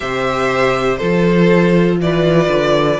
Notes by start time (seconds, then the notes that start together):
0.00 C3 G4 C5 E5
0.97 F3 F4 A4 C5
1.99 E3 B4 D5
2.48 D3